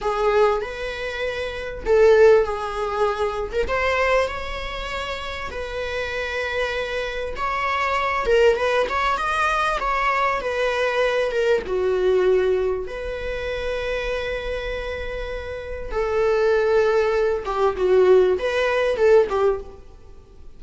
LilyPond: \new Staff \with { instrumentName = "viola" } { \time 4/4 \tempo 4 = 98 gis'4 b'2 a'4 | gis'4.~ gis'16 ais'16 c''4 cis''4~ | cis''4 b'2. | cis''4. ais'8 b'8 cis''8 dis''4 |
cis''4 b'4. ais'8 fis'4~ | fis'4 b'2.~ | b'2 a'2~ | a'8 g'8 fis'4 b'4 a'8 g'8 | }